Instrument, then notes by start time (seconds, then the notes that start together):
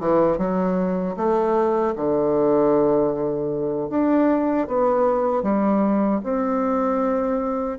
bassoon
0.00 E3
0.38 F#3
1.17 A3
1.96 D3
3.90 D4
4.68 B3
5.43 G3
6.24 C4